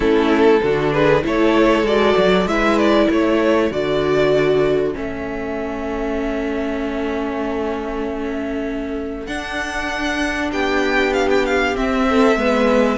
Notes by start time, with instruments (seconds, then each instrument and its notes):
0.00 cello A3, viola C#4, violin E4 A4
0.62 cello D3, viola D4, violin F#4
0.92 violin G#4 B4
1.22 cello A3, viola E4, violin A4 C#5
1.82 cello G#3, viola F#4, violin D5
2.17 cello F#3
2.45 cello G#3, viola E4, violin B4 E5
2.78 violin D5
3.08 cello A3, violin A4 C#5
3.70 cello D3, viola F#4, violin D5
4.93 cello A3, viola C#4, violin E5
9.27 viola D4, cello D4, violin F#5
10.50 cello B3, violin G4 G5
11.13 violin F5
11.30 violin G5
11.45 violin F5
11.75 viola C4, cello C4, violin E5
12.09 violin A4
12.35 cello G#3, viola B3, violin B4